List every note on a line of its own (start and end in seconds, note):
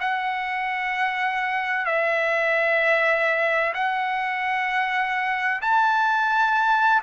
0.00 1.85 F#5
1.85 3.73 E5
3.74 5.61 F#5
5.62 7.02 A5